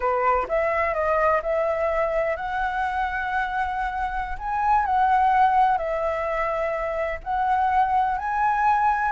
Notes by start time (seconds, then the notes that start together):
0.00 B4
0.48 E5
0.93 D#5
1.42 E5
2.36 F#5
4.38 G#5
4.85 F#5
5.77 E5
7.23 F#5
8.18 G#5